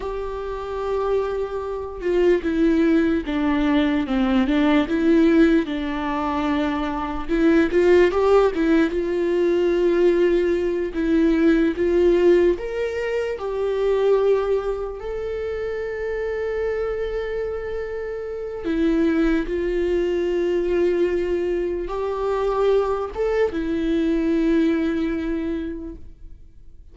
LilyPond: \new Staff \with { instrumentName = "viola" } { \time 4/4 \tempo 4 = 74 g'2~ g'8 f'8 e'4 | d'4 c'8 d'8 e'4 d'4~ | d'4 e'8 f'8 g'8 e'8 f'4~ | f'4. e'4 f'4 ais'8~ |
ais'8 g'2 a'4.~ | a'2. e'4 | f'2. g'4~ | g'8 a'8 e'2. | }